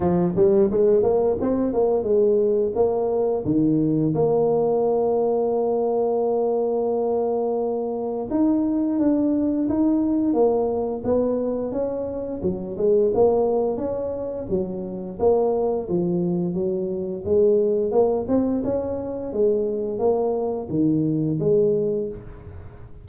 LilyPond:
\new Staff \with { instrumentName = "tuba" } { \time 4/4 \tempo 4 = 87 f8 g8 gis8 ais8 c'8 ais8 gis4 | ais4 dis4 ais2~ | ais1 | dis'4 d'4 dis'4 ais4 |
b4 cis'4 fis8 gis8 ais4 | cis'4 fis4 ais4 f4 | fis4 gis4 ais8 c'8 cis'4 | gis4 ais4 dis4 gis4 | }